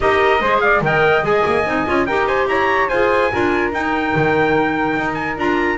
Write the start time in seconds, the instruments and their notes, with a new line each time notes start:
0.00 double bass D#4, clarinet G4, flute A#4, trumpet D#5
0.40 double bass G#3, clarinet G#4, flute C5
0.60 flute D5, trumpet F5
0.81 double bass D#3, clarinet A#4, flute D#5, trumpet G5
1.22 double bass G#3, clarinet G#4, trumpet G#5
1.45 double bass A#3
1.65 double bass C4, clarinet D#4
1.86 double bass C#4, clarinet F4
2.06 double bass D#4, clarinet G4, flute A#4, trumpet G5
2.27 flute C5, trumpet G#5
2.46 double bass E4, flute C#5, trumpet A#5
2.88 double bass F4, clarinet G#4, flute C5, trumpet G#5
3.31 double bass D4, clarinet F4, flute A#4
3.72 double bass D#4, clarinet D#4, trumpet G5
4.15 double bass D#3
4.96 double bass D#4
5.14 trumpet G#5
5.37 double bass D4, clarinet F4, trumpet A#5